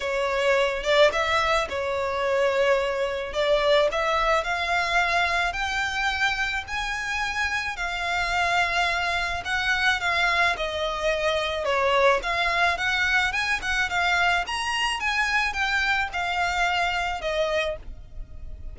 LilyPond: \new Staff \with { instrumentName = "violin" } { \time 4/4 \tempo 4 = 108 cis''4. d''8 e''4 cis''4~ | cis''2 d''4 e''4 | f''2 g''2 | gis''2 f''2~ |
f''4 fis''4 f''4 dis''4~ | dis''4 cis''4 f''4 fis''4 | gis''8 fis''8 f''4 ais''4 gis''4 | g''4 f''2 dis''4 | }